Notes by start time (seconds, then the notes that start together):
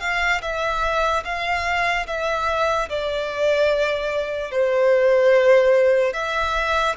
0.00 F5
0.41 E5
1.24 F5
2.07 E5
2.89 D5
4.51 C5
6.13 E5